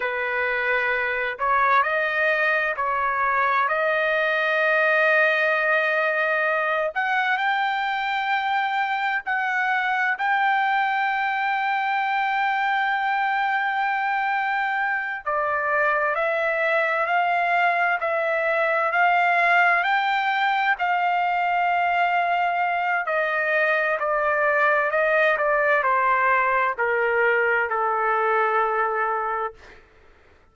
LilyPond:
\new Staff \with { instrumentName = "trumpet" } { \time 4/4 \tempo 4 = 65 b'4. cis''8 dis''4 cis''4 | dis''2.~ dis''8 fis''8 | g''2 fis''4 g''4~ | g''1~ |
g''8 d''4 e''4 f''4 e''8~ | e''8 f''4 g''4 f''4.~ | f''4 dis''4 d''4 dis''8 d''8 | c''4 ais'4 a'2 | }